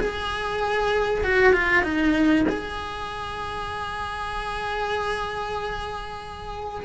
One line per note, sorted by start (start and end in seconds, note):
0.00 1.24 G#4
1.24 1.53 F#4
1.53 1.84 F4
1.84 2.46 D#4
2.49 6.86 G#4